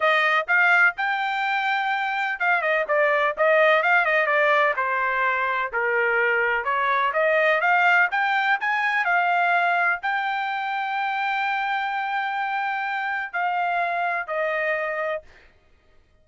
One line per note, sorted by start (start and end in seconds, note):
0.00 0.46 D#5
0.47 0.95 F5
0.97 2.39 G5
2.39 2.61 F5
2.61 2.85 D#5
2.88 3.35 D5
3.37 3.82 D#5
3.82 4.05 F5
4.05 4.26 D#5
4.26 4.74 D5
4.76 5.71 C5
5.72 6.64 A#4
6.64 7.12 C#5
7.13 7.61 D#5
7.61 8.08 F5
8.11 8.58 G5
8.60 9.04 G#5
9.04 10.00 F5
10.02 13.32 G5
13.32 14.27 F5
14.27 15.22 D#5